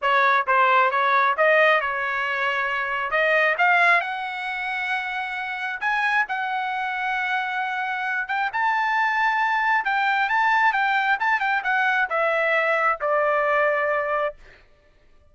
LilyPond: \new Staff \with { instrumentName = "trumpet" } { \time 4/4 \tempo 4 = 134 cis''4 c''4 cis''4 dis''4 | cis''2. dis''4 | f''4 fis''2.~ | fis''4 gis''4 fis''2~ |
fis''2~ fis''8 g''8 a''4~ | a''2 g''4 a''4 | g''4 a''8 g''8 fis''4 e''4~ | e''4 d''2. | }